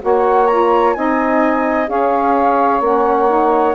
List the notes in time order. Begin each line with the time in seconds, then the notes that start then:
0.00 A#3 F#4 C#5 F#5
0.47 F4 A#5
0.93 C4 D#4 D#5 G#5
1.87 C#4 G#4 C#5 F5
2.80 A#3 C#4 F#5
3.28 D#4